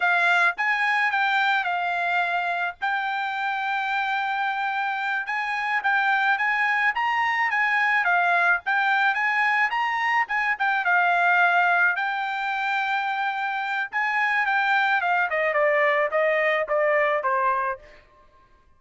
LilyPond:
\new Staff \with { instrumentName = "trumpet" } { \time 4/4 \tempo 4 = 108 f''4 gis''4 g''4 f''4~ | f''4 g''2.~ | g''4. gis''4 g''4 gis''8~ | gis''8 ais''4 gis''4 f''4 g''8~ |
g''8 gis''4 ais''4 gis''8 g''8 f''8~ | f''4. g''2~ g''8~ | g''4 gis''4 g''4 f''8 dis''8 | d''4 dis''4 d''4 c''4 | }